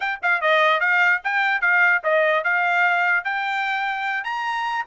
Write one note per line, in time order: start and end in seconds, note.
0.00 0.19 G5
0.22 0.41 F5
0.41 0.80 D#5
0.80 1.21 F5
1.24 1.61 G5
1.61 2.02 F5
2.03 2.43 D#5
2.43 3.24 F5
3.24 4.24 G5
4.24 4.84 A#5